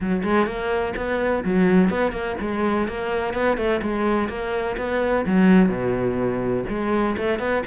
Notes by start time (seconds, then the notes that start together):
0.00 F#3
0.23 G#3
0.46 A#3
0.96 B3
1.44 F#3
1.90 B3
2.12 A#3
2.40 G#3
2.88 A#3
3.33 B3
3.57 A3
3.82 G#3
4.29 A#3
4.77 B3
5.26 F#3
5.68 B2
6.69 G#3
7.17 A3
7.39 B3